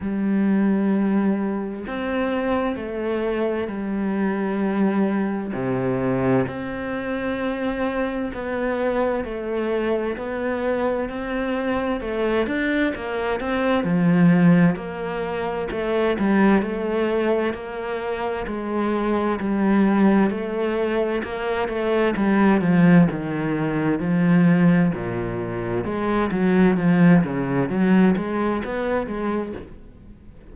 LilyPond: \new Staff \with { instrumentName = "cello" } { \time 4/4 \tempo 4 = 65 g2 c'4 a4 | g2 c4 c'4~ | c'4 b4 a4 b4 | c'4 a8 d'8 ais8 c'8 f4 |
ais4 a8 g8 a4 ais4 | gis4 g4 a4 ais8 a8 | g8 f8 dis4 f4 ais,4 | gis8 fis8 f8 cis8 fis8 gis8 b8 gis8 | }